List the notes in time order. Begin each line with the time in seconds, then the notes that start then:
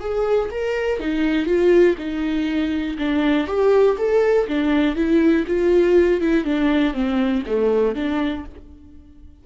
0.00 G#4
0.51 A#4
1.00 D#4
1.46 F4
1.98 D#4
2.98 D4
3.47 G4
3.98 A4
4.47 D4
4.96 E4
5.47 F4
6.21 E4
6.44 D4
6.94 C4
7.46 A3
7.95 D4